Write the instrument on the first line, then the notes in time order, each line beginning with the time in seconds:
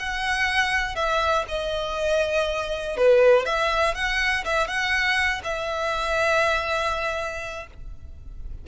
violin
0.00 F#5
0.96 E5
1.49 D#5
2.97 B4
3.46 E5
3.95 F#5
4.45 E5
4.68 F#5
5.44 E5